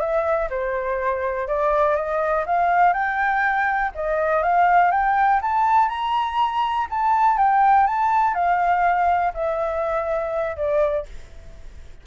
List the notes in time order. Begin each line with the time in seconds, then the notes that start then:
0.00 E5
0.50 C5
1.48 D5
1.96 D#5
2.46 F5
2.93 G5
3.95 D#5
4.43 F5
4.92 G5
5.42 A5
5.89 A#5
6.90 A5
7.38 G5
7.87 A5
8.35 F5
9.34 E5
10.57 D5